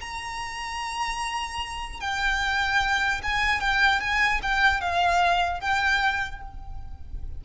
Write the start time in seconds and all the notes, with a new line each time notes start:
0.00 A#5
2.00 G5
3.23 G#5
3.60 G5
4.00 G#5
4.42 G5
4.81 F5
5.60 G5